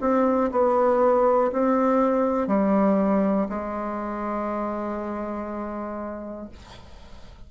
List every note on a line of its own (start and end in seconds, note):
0.00 0.50 C4
0.51 1.51 B3
1.52 2.47 C4
2.47 3.47 G3
3.49 6.49 G#3